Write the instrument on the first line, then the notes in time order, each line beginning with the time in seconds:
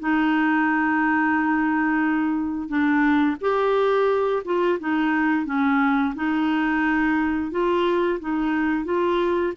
clarinet
0.00 D#4
2.69 D4
3.41 G4
4.45 F4
4.80 D#4
5.46 C#4
6.15 D#4
7.52 F4
8.20 D#4
8.85 F4